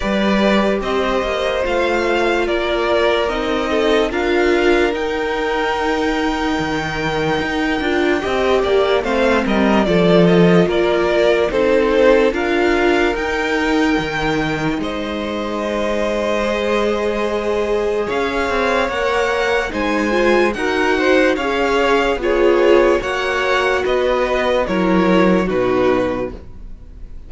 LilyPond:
<<
  \new Staff \with { instrumentName = "violin" } { \time 4/4 \tempo 4 = 73 d''4 dis''4 f''4 d''4 | dis''4 f''4 g''2~ | g''2. f''8 dis''8 | d''8 dis''8 d''4 c''4 f''4 |
g''2 dis''2~ | dis''2 f''4 fis''4 | gis''4 fis''4 f''4 cis''4 | fis''4 dis''4 cis''4 b'4 | }
  \new Staff \with { instrumentName = "violin" } { \time 4/4 b'4 c''2 ais'4~ | ais'8 a'8 ais'2.~ | ais'2 dis''8 d''8 c''8 ais'8 | a'4 ais'4 a'4 ais'4~ |
ais'2 c''2~ | c''2 cis''2 | c''4 ais'8 c''8 cis''4 gis'4 | cis''4 b'4 ais'4 fis'4 | }
  \new Staff \with { instrumentName = "viola" } { \time 4/4 g'2 f'2 | dis'4 f'4 dis'2~ | dis'4. f'8 g'4 c'4 | f'2 dis'4 f'4 |
dis'1 | gis'2. ais'4 | dis'8 f'8 fis'4 gis'4 f'4 | fis'2 e'4 dis'4 | }
  \new Staff \with { instrumentName = "cello" } { \time 4/4 g4 c'8 ais8 a4 ais4 | c'4 d'4 dis'2 | dis4 dis'8 d'8 c'8 ais8 a8 g8 | f4 ais4 c'4 d'4 |
dis'4 dis4 gis2~ | gis2 cis'8 c'8 ais4 | gis4 dis'4 cis'4 b4 | ais4 b4 fis4 b,4 | }
>>